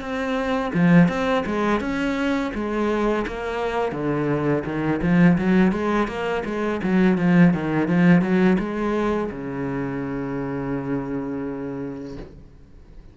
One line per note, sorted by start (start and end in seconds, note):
0.00 0.71 C4
0.74 1.08 F3
1.08 1.44 C4
1.46 1.80 G#3
1.80 2.52 C#4
2.54 3.25 G#3
3.27 3.92 A#3
3.92 4.63 D3
4.65 5.01 D#3
5.02 5.37 F3
5.38 5.72 F#3
5.72 6.07 G#3
6.07 6.43 A#3
6.45 6.81 G#3
6.83 7.18 F#3
7.18 7.53 F3
7.53 7.88 D#3
7.88 8.21 F3
8.21 8.57 F#3
8.59 9.30 G#3
9.31 12.17 C#3